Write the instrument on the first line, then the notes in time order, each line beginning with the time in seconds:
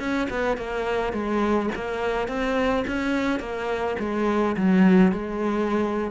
cello
0.00 C#4
0.30 B3
0.58 A#3
1.13 G#3
1.76 A#3
2.28 C4
2.88 C#4
3.40 A#3
4.00 G#3
4.57 F#3
5.13 G#3